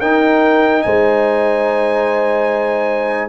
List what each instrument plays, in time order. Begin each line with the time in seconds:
0.00 tuba D#4, trombone D#4, horn A#4, trumpet G5
0.81 tuba G#3, horn C5, trumpet G#5